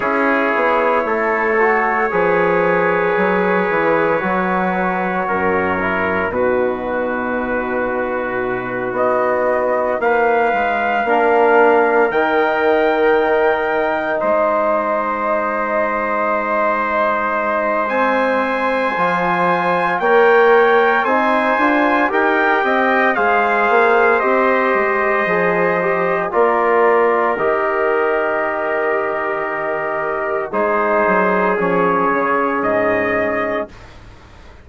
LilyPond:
<<
  \new Staff \with { instrumentName = "trumpet" } { \time 4/4 \tempo 4 = 57 cis''1~ | cis''2 b'2~ | b'8 dis''4 f''2 g''8~ | g''4. dis''2~ dis''8~ |
dis''4 gis''2 g''4 | gis''4 g''4 f''4 dis''4~ | dis''4 d''4 dis''2~ | dis''4 c''4 cis''4 dis''4 | }
  \new Staff \with { instrumentName = "trumpet" } { \time 4/4 gis'4 a'4 b'2~ | b'4 ais'4 fis'2~ | fis'4. b'4 ais'4.~ | ais'4. c''2~ c''8~ |
c''2. cis''4 | c''4 ais'8 dis''8 c''2~ | c''4 ais'2.~ | ais'4 gis'2. | }
  \new Staff \with { instrumentName = "trombone" } { \time 4/4 e'4. fis'8 gis'2 | fis'4. e'8 dis'2~ | dis'2~ dis'8 d'4 dis'8~ | dis'1~ |
dis'4 c'4 f'4 ais'4 | dis'8 f'8 g'4 gis'4 g'4 | gis'8 g'8 f'4 g'2~ | g'4 dis'4 cis'2 | }
  \new Staff \with { instrumentName = "bassoon" } { \time 4/4 cis'8 b8 a4 f4 fis8 e8 | fis4 fis,4 b,2~ | b,8 b4 ais8 gis8 ais4 dis8~ | dis4. gis2~ gis8~ |
gis2 f4 ais4 | c'8 d'8 dis'8 c'8 gis8 ais8 c'8 gis8 | f4 ais4 dis2~ | dis4 gis8 fis8 f8 cis8 gis,4 | }
>>